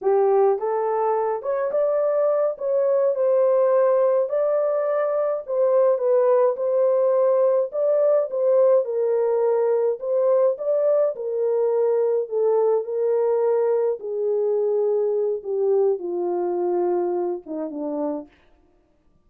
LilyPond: \new Staff \with { instrumentName = "horn" } { \time 4/4 \tempo 4 = 105 g'4 a'4. cis''8 d''4~ | d''8 cis''4 c''2 d''8~ | d''4. c''4 b'4 c''8~ | c''4. d''4 c''4 ais'8~ |
ais'4. c''4 d''4 ais'8~ | ais'4. a'4 ais'4.~ | ais'8 gis'2~ gis'8 g'4 | f'2~ f'8 dis'8 d'4 | }